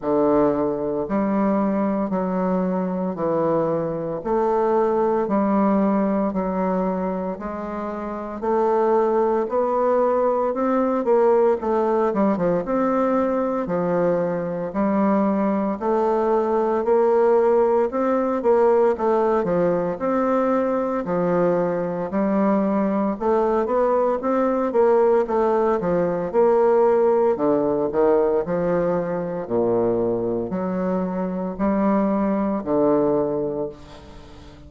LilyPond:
\new Staff \with { instrumentName = "bassoon" } { \time 4/4 \tempo 4 = 57 d4 g4 fis4 e4 | a4 g4 fis4 gis4 | a4 b4 c'8 ais8 a8 g16 f16 | c'4 f4 g4 a4 |
ais4 c'8 ais8 a8 f8 c'4 | f4 g4 a8 b8 c'8 ais8 | a8 f8 ais4 d8 dis8 f4 | ais,4 fis4 g4 d4 | }